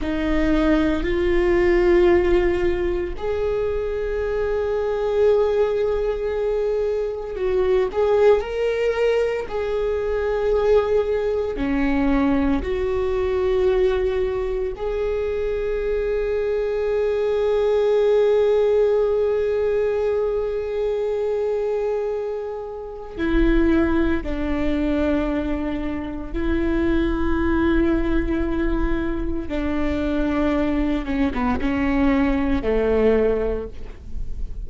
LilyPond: \new Staff \with { instrumentName = "viola" } { \time 4/4 \tempo 4 = 57 dis'4 f'2 gis'4~ | gis'2. fis'8 gis'8 | ais'4 gis'2 cis'4 | fis'2 gis'2~ |
gis'1~ | gis'2 e'4 d'4~ | d'4 e'2. | d'4. cis'16 b16 cis'4 a4 | }